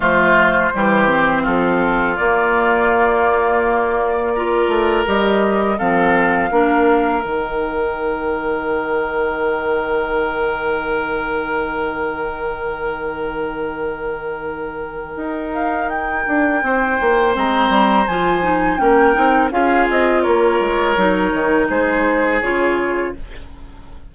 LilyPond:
<<
  \new Staff \with { instrumentName = "flute" } { \time 4/4 \tempo 4 = 83 c''2 a'4 d''4~ | d''2. dis''4 | f''2 g''2~ | g''1~ |
g''1~ | g''4. f''8 g''2 | ais''4 gis''4 g''4 f''8 dis''8 | cis''2 c''4 cis''4 | }
  \new Staff \with { instrumentName = "oboe" } { \time 4/4 f'4 g'4 f'2~ | f'2 ais'2 | a'4 ais'2.~ | ais'1~ |
ais'1~ | ais'2. c''4~ | c''2 ais'4 gis'4 | ais'2 gis'2 | }
  \new Staff \with { instrumentName = "clarinet" } { \time 4/4 a4 g8 c'4. ais4~ | ais2 f'4 g'4 | c'4 d'4 dis'2~ | dis'1~ |
dis'1~ | dis'1 | c'4 f'8 dis'8 cis'8 dis'8 f'4~ | f'4 dis'2 f'4 | }
  \new Staff \with { instrumentName = "bassoon" } { \time 4/4 f4 e4 f4 ais4~ | ais2~ ais8 a8 g4 | f4 ais4 dis2~ | dis1~ |
dis1~ | dis4 dis'4. d'8 c'8 ais8 | gis8 g8 f4 ais8 c'8 cis'8 c'8 | ais8 gis8 fis8 dis8 gis4 cis4 | }
>>